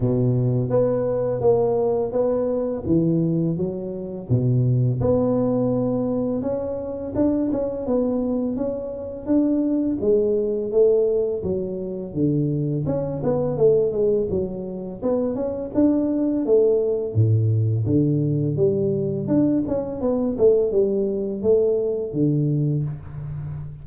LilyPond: \new Staff \with { instrumentName = "tuba" } { \time 4/4 \tempo 4 = 84 b,4 b4 ais4 b4 | e4 fis4 b,4 b4~ | b4 cis'4 d'8 cis'8 b4 | cis'4 d'4 gis4 a4 |
fis4 d4 cis'8 b8 a8 gis8 | fis4 b8 cis'8 d'4 a4 | a,4 d4 g4 d'8 cis'8 | b8 a8 g4 a4 d4 | }